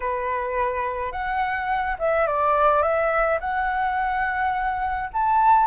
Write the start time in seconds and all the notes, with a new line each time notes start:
0.00 B4
1.12 F#5
1.99 E5
2.26 D5
2.82 E5
3.40 F#5
5.13 A5